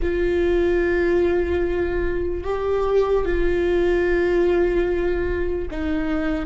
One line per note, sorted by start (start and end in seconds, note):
0.02 2.44 F4
2.44 3.25 G4
3.25 5.68 F4
5.70 6.45 D#4